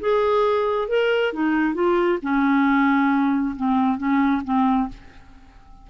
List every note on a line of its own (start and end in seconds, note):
0.00 0.88 G#4
0.88 1.33 A#4
1.33 1.74 D#4
1.74 2.18 F4
2.22 3.55 C#4
3.56 3.97 C4
3.97 4.42 C#4
4.44 4.88 C4